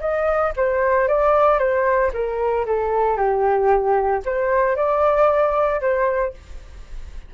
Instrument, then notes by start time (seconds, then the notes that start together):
flute
0.00 D#5
0.56 C5
1.08 D5
1.58 C5
2.13 A#4
2.66 A4
3.17 G4
4.25 C5
4.76 D5
5.81 C5